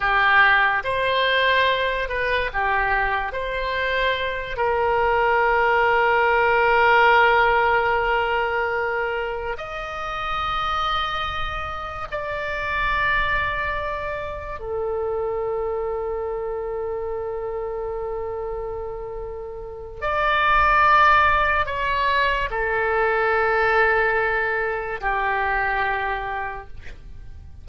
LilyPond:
\new Staff \with { instrumentName = "oboe" } { \time 4/4 \tempo 4 = 72 g'4 c''4. b'8 g'4 | c''4. ais'2~ ais'8~ | ais'2.~ ais'8 dis''8~ | dis''2~ dis''8 d''4.~ |
d''4. a'2~ a'8~ | a'1 | d''2 cis''4 a'4~ | a'2 g'2 | }